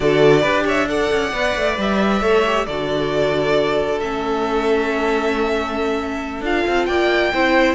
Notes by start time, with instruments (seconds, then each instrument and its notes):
0.00 cello D3, viola F#4, violin A4 D5
0.41 cello D4, viola G4, violin B4
0.65 violin C#5 E5
0.88 viola A4, violin D5 F#5
1.11 cello C#4
1.32 cello B3, viola B4
1.55 cello A3
1.77 cello G3, violin E5
2.21 cello A3, viola A4, violin C#5
2.46 viola G4
2.66 cello D3, viola F#4, violin A4 D5
4.00 cello A3, viola C#4, violin E5
6.40 cello D4, viola F4, violin F5
6.67 cello C4
6.86 cello A#3, violin D5 G5
7.33 cello C4, viola E4, violin C5